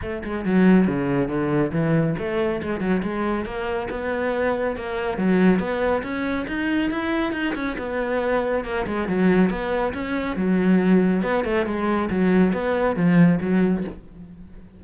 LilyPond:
\new Staff \with { instrumentName = "cello" } { \time 4/4 \tempo 4 = 139 a8 gis8 fis4 cis4 d4 | e4 a4 gis8 fis8 gis4 | ais4 b2 ais4 | fis4 b4 cis'4 dis'4 |
e'4 dis'8 cis'8 b2 | ais8 gis8 fis4 b4 cis'4 | fis2 b8 a8 gis4 | fis4 b4 f4 fis4 | }